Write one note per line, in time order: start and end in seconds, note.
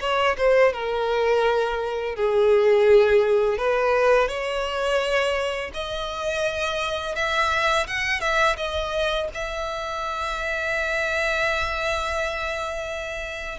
0.00 0.36 C#5
0.37 0.72 C5
0.72 2.15 A#4
2.15 3.57 G#4
3.57 4.28 B4
4.28 5.70 C#5
5.73 7.15 D#5
7.15 7.86 E5
7.87 8.20 F#5
8.20 8.56 E5
8.56 9.28 D#5
9.34 13.58 E5